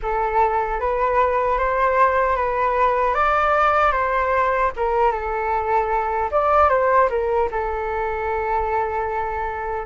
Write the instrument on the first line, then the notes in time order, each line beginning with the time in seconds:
flute
0.02 A4
0.80 B4
1.58 C5
2.35 B4
3.14 D5
3.92 C5
4.76 A#4
5.11 A4
6.31 D5
6.69 C5
7.09 A#4
7.51 A4